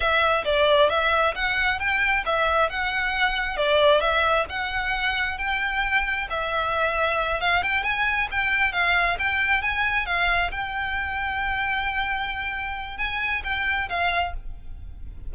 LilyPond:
\new Staff \with { instrumentName = "violin" } { \time 4/4 \tempo 4 = 134 e''4 d''4 e''4 fis''4 | g''4 e''4 fis''2 | d''4 e''4 fis''2 | g''2 e''2~ |
e''8 f''8 g''8 gis''4 g''4 f''8~ | f''8 g''4 gis''4 f''4 g''8~ | g''1~ | g''4 gis''4 g''4 f''4 | }